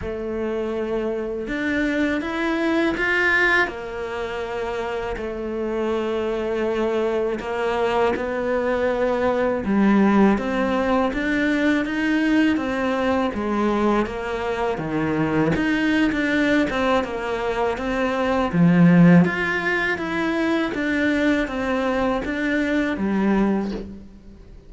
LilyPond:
\new Staff \with { instrumentName = "cello" } { \time 4/4 \tempo 4 = 81 a2 d'4 e'4 | f'4 ais2 a4~ | a2 ais4 b4~ | b4 g4 c'4 d'4 |
dis'4 c'4 gis4 ais4 | dis4 dis'8. d'8. c'8 ais4 | c'4 f4 f'4 e'4 | d'4 c'4 d'4 g4 | }